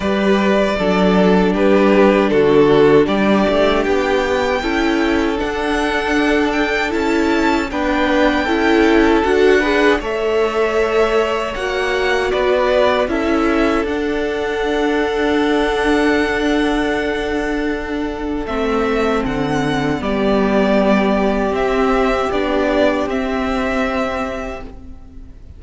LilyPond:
<<
  \new Staff \with { instrumentName = "violin" } { \time 4/4 \tempo 4 = 78 d''2 b'4 a'4 | d''4 g''2 fis''4~ | fis''8 g''8 a''4 g''2 | fis''4 e''2 fis''4 |
d''4 e''4 fis''2~ | fis''1 | e''4 fis''4 d''2 | e''4 d''4 e''2 | }
  \new Staff \with { instrumentName = "violin" } { \time 4/4 b'4 a'4 g'4 fis'4 | g'2 a'2~ | a'2 b'4 a'4~ | a'8 b'8 cis''2. |
b'4 a'2.~ | a'1~ | a'2 g'2~ | g'1 | }
  \new Staff \with { instrumentName = "viola" } { \time 4/4 g'4 d'2.~ | d'2 e'4 d'4~ | d'4 e'4 d'4 e'4 | fis'8 gis'8 a'2 fis'4~ |
fis'4 e'4 d'2~ | d'1 | c'2 b2 | c'4 d'4 c'2 | }
  \new Staff \with { instrumentName = "cello" } { \time 4/4 g4 fis4 g4 d4 | g8 a8 b4 cis'4 d'4~ | d'4 cis'4 b4 cis'4 | d'4 a2 ais4 |
b4 cis'4 d'2~ | d'1 | a4 d4 g2 | c'4 b4 c'2 | }
>>